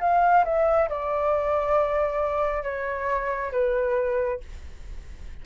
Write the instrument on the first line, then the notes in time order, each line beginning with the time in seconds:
flute
0.00 F5
0.44 E5
0.89 D5
2.63 C#5
3.52 B4